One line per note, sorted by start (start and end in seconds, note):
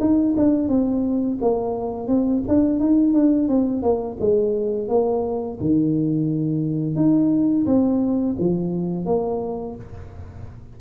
0.00 0.35 D#4
0.37 0.68 D4
0.68 1.38 C4
1.41 2.08 A#3
2.08 2.43 C4
2.48 2.79 D4
2.79 3.14 D#4
3.14 3.49 D4
3.49 3.82 C4
3.82 4.17 A#3
4.20 4.89 G#3
4.89 5.58 A#3
5.60 6.96 D#3
6.96 7.66 D#4
7.66 8.36 C4
8.39 9.06 F3
9.06 9.75 A#3